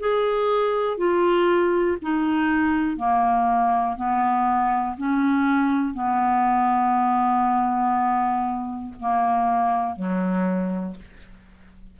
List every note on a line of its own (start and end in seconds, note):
0.00 0.98 G#4
0.98 1.98 F4
2.02 2.97 D#4
2.97 3.96 A#3
3.96 4.96 B3
4.97 5.94 C#4
5.94 8.94 B3
9.00 9.96 A#3
9.96 10.96 F#3